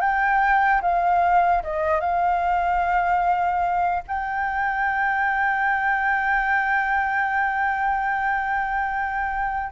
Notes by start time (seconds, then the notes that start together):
0.00 G5
0.81 F5
1.63 D#5
2.00 F5
4.08 G5